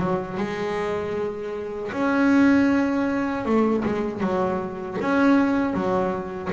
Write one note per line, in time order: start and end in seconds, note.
0.00 0.38 F#3
0.38 1.92 G#3
1.93 3.46 C#4
3.46 3.84 A3
3.86 4.21 G#3
4.21 4.98 F#3
5.01 5.74 C#4
5.74 6.51 F#3